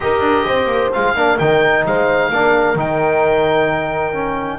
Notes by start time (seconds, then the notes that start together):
0.00 D#4 G4 A#4 D#5
0.20 D4
0.46 C4 C5
0.65 A#3
0.92 G#3 F4 F5
1.15 A#3 D4 A#4
1.38 D#3 D#4 G5
1.85 G#3 C5 F5
2.29 A#3 D4 A#4
2.75 D#3 D#4 G5
4.13 C#4